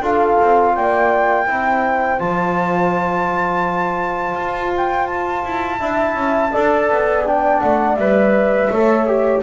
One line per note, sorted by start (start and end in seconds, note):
0.00 0.36 D4
0.00 1.46 F4
0.00 0.73 A4
0.00 0.75 F5
0.40 0.77 C4
0.75 1.47 A#3
0.75 1.47 D5
0.75 2.19 G5
1.46 2.19 C4
1.46 2.18 E4
1.46 5.80 C5
2.18 4.35 F3
2.18 5.79 F4
2.18 4.72 A5
4.35 5.43 F4
4.76 5.06 G5
5.06 7.23 A5
5.44 5.80 E4
5.79 6.14 D4
5.79 6.51 E4
5.79 6.52 E5
6.14 6.51 C#4
6.52 6.89 D4
6.52 7.25 A4
6.52 8.69 D5
6.89 7.61 B3
7.25 7.97 D4
7.25 7.60 G5
7.60 7.96 A3
7.60 7.95 F#5
7.95 8.68 G3
7.95 8.72 B4
7.95 9.39 E5
8.70 9.42 A3
8.70 9.07 A4
8.70 9.42 C#5
9.07 9.42 G4